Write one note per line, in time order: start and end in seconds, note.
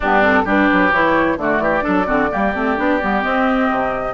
0.00 0.45 G2
0.00 0.21 B3
0.00 0.42 D4
0.00 0.24 G4
0.21 0.44 C4
0.21 0.47 A4
0.44 0.68 G3
0.44 0.92 D4
0.44 1.37 G4
0.44 0.92 B4
0.73 0.92 F#3
0.92 1.37 E3
0.92 1.38 E4
0.92 1.38 C#5
1.37 1.59 D3
1.37 1.81 A3
1.37 1.62 F#4
1.37 3.22 D5
1.59 1.82 E3
1.59 1.83 G4
1.81 2.07 F#3
1.81 2.04 D4
1.81 2.06 A4
2.06 2.31 D3
2.06 2.29 C4
2.06 2.29 F#4
2.30 2.54 G3
2.30 2.53 A#3
2.30 4.14 G4
2.54 2.77 A3
2.54 2.77 C4
2.77 3.01 B3
2.77 3.00 D4
3.01 3.23 G3
3.01 3.22 B3
3.22 4.14 C4
3.22 3.69 C4
3.22 4.14 D#5
3.70 4.14 C3